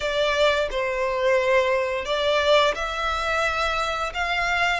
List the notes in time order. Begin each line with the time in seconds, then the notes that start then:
0.00 D5
0.70 C5
2.05 D5
2.75 E5
4.14 F5